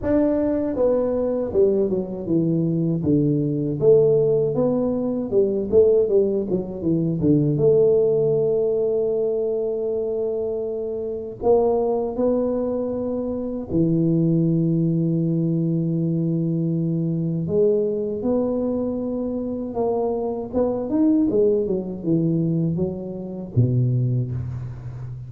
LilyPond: \new Staff \with { instrumentName = "tuba" } { \time 4/4 \tempo 4 = 79 d'4 b4 g8 fis8 e4 | d4 a4 b4 g8 a8 | g8 fis8 e8 d8 a2~ | a2. ais4 |
b2 e2~ | e2. gis4 | b2 ais4 b8 dis'8 | gis8 fis8 e4 fis4 b,4 | }